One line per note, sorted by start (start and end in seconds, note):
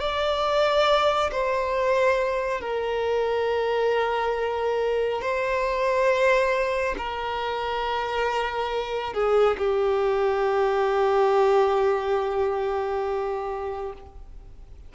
0.00 1.30 D5
1.32 2.61 C5
2.61 5.22 A#4
5.22 6.96 C5
6.98 9.14 A#4
9.14 9.57 G#4
9.58 13.93 G4